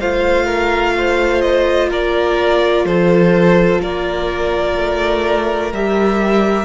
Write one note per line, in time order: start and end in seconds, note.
0.00 1.91 A3
0.00 5.73 F4
0.00 0.46 C5
0.00 1.41 F5
0.46 0.94 A#4
0.97 1.90 C5
1.41 1.89 D#5
1.90 2.85 A#3
1.90 2.85 A#4
1.90 2.86 D5
2.85 3.80 F3
2.85 3.82 A4
2.85 3.81 C5
3.82 4.78 A#3
3.82 6.65 A#4
3.82 5.73 D5
4.78 5.73 A3
5.73 6.65 G3
5.73 6.65 G4
5.73 6.65 E5